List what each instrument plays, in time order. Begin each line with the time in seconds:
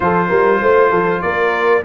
0.00 tuba F3, trombone F4, horn A4, trumpet C5
0.28 tuba G3, horn A#4
0.61 tuba A3, horn C5
0.90 tuba F3, horn A4
1.21 tuba A#3, horn A#4, trumpet D5